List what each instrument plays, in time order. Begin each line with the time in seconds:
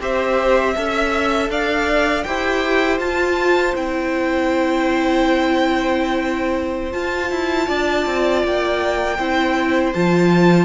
0.00 cello C4, viola G4, violin C5 E5
0.74 cello C#4, viola A4, violin E5
1.49 cello D4, violin D5 F5
2.23 cello E4, viola G4, violin C5 G5
2.99 cello F4, viola F4, violin A5
3.75 cello C4, viola E4, violin G5
6.90 viola F4, cello F4, violin A5
7.30 cello E4
7.66 cello D4, violin D5
8.06 cello C4
8.43 cello A#3, violin G5
9.18 cello C4, viola E4, violin C5
9.93 cello F3, viola F4, violin A5